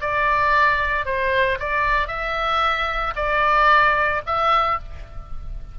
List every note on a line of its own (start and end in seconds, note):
0.00 1.05 D5
1.05 1.58 C5
1.59 2.07 D5
2.07 3.13 E5
3.15 4.22 D5
4.26 4.79 E5